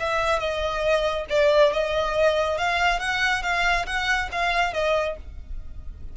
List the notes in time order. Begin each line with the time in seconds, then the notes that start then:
0.00 E5
0.40 D#5
1.30 D5
1.73 D#5
2.58 F5
3.00 F#5
3.43 F5
3.87 F#5
4.32 F5
4.74 D#5